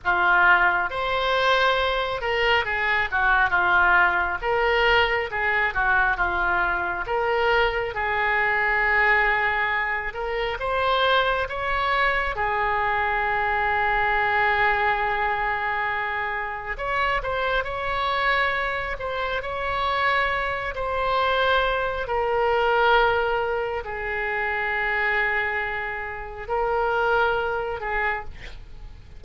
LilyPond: \new Staff \with { instrumentName = "oboe" } { \time 4/4 \tempo 4 = 68 f'4 c''4. ais'8 gis'8 fis'8 | f'4 ais'4 gis'8 fis'8 f'4 | ais'4 gis'2~ gis'8 ais'8 | c''4 cis''4 gis'2~ |
gis'2. cis''8 c''8 | cis''4. c''8 cis''4. c''8~ | c''4 ais'2 gis'4~ | gis'2 ais'4. gis'8 | }